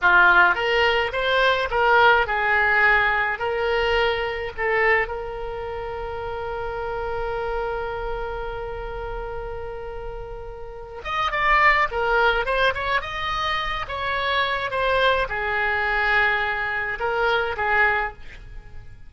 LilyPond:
\new Staff \with { instrumentName = "oboe" } { \time 4/4 \tempo 4 = 106 f'4 ais'4 c''4 ais'4 | gis'2 ais'2 | a'4 ais'2.~ | ais'1~ |
ais'2.~ ais'8 dis''8 | d''4 ais'4 c''8 cis''8 dis''4~ | dis''8 cis''4. c''4 gis'4~ | gis'2 ais'4 gis'4 | }